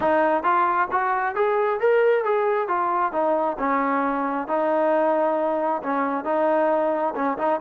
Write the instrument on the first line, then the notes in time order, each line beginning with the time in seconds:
trombone
0.00 D#4
0.43 F4
0.91 F#4
1.35 G#4
1.80 A#4
2.24 G#4
2.67 F4
3.12 D#4
3.58 C#4
4.47 D#4
5.82 C#4
6.24 D#4
7.15 C#4
7.38 D#4